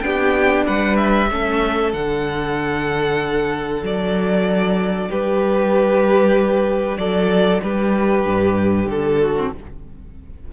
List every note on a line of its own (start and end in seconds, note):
0.00 0.65 B3
0.00 1.29 D4
0.00 0.66 G4
0.00 0.63 G5
0.66 1.31 G3
0.66 1.29 B4
0.66 0.96 F#5
0.96 1.91 E5
1.30 1.93 A3
1.30 1.93 C#4
1.30 5.08 A4
1.93 3.82 D3
1.93 9.35 D4
1.93 3.82 F#5
3.82 5.08 F#3
3.82 5.11 D5
5.08 6.97 G3
5.08 6.98 G4
5.08 6.97 B4
6.97 7.60 F#3
6.97 7.62 A4
6.97 7.61 D5
7.62 8.26 G3
7.62 9.20 G4
7.62 8.88 B4
8.26 8.85 G2
8.85 9.48 D3
8.85 9.52 A4
9.20 9.52 F#4
9.35 9.51 C4